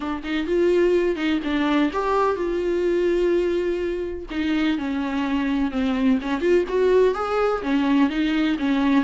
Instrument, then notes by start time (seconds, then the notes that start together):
viola
0.00 D4
0.23 D#4
0.46 F4
1.16 D#4
1.44 D4
1.92 G4
2.35 F4
4.30 D#4
4.77 C#4
5.71 C4
6.21 C#4
6.40 F4
6.68 F#4
7.14 G#4
7.62 C#4
8.09 D#4
8.58 C#4